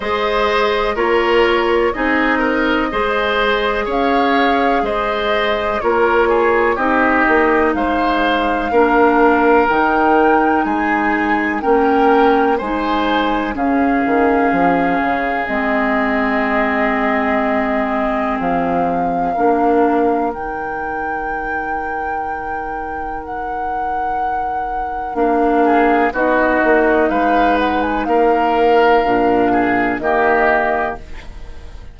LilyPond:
<<
  \new Staff \with { instrumentName = "flute" } { \time 4/4 \tempo 4 = 62 dis''4 cis''4 dis''2 | f''4 dis''4 cis''4 dis''4 | f''2 g''4 gis''4 | g''4 gis''4 f''2 |
dis''2. f''4~ | f''4 g''2. | fis''2 f''4 dis''4 | f''8 fis''16 gis''16 f''2 dis''4 | }
  \new Staff \with { instrumentName = "oboe" } { \time 4/4 c''4 ais'4 gis'8 ais'8 c''4 | cis''4 c''4 ais'8 gis'8 g'4 | c''4 ais'2 gis'4 | ais'4 c''4 gis'2~ |
gis'1 | ais'1~ | ais'2~ ais'8 gis'8 fis'4 | b'4 ais'4. gis'8 g'4 | }
  \new Staff \with { instrumentName = "clarinet" } { \time 4/4 gis'4 f'4 dis'4 gis'4~ | gis'2 f'4 dis'4~ | dis'4 d'4 dis'2 | cis'4 dis'4 cis'2 |
c'1 | d'4 dis'2.~ | dis'2 d'4 dis'4~ | dis'2 d'4 ais4 | }
  \new Staff \with { instrumentName = "bassoon" } { \time 4/4 gis4 ais4 c'4 gis4 | cis'4 gis4 ais4 c'8 ais8 | gis4 ais4 dis4 gis4 | ais4 gis4 cis8 dis8 f8 cis8 |
gis2. f4 | ais4 dis2.~ | dis2 ais4 b8 ais8 | gis4 ais4 ais,4 dis4 | }
>>